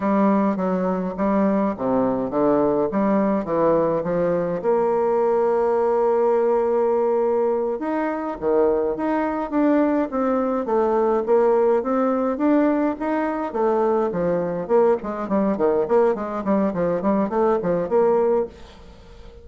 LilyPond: \new Staff \with { instrumentName = "bassoon" } { \time 4/4 \tempo 4 = 104 g4 fis4 g4 c4 | d4 g4 e4 f4 | ais1~ | ais4. dis'4 dis4 dis'8~ |
dis'8 d'4 c'4 a4 ais8~ | ais8 c'4 d'4 dis'4 a8~ | a8 f4 ais8 gis8 g8 dis8 ais8 | gis8 g8 f8 g8 a8 f8 ais4 | }